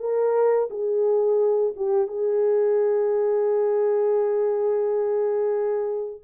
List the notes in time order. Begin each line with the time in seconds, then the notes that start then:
0.00 A#4
0.71 G#4
1.77 G4
2.08 G#4